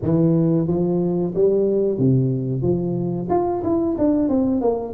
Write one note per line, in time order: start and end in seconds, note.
0.02 0.67 E3
0.67 1.33 F3
1.34 1.98 G3
1.98 2.62 C3
2.62 3.28 F3
3.29 3.62 F4
3.63 3.96 E4
3.98 4.29 D4
4.29 4.61 C4
4.61 4.93 A#3